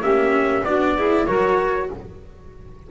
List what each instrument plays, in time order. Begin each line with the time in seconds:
0.00 double bass A#3, cello C#4, saxophone G4, trumpet E5
0.63 double bass B3, cello D4, saxophone F#4, trumpet D5
0.96 cello E4, saxophone G#4
1.26 double bass F#3, cello F#4, saxophone A#4, trumpet C#5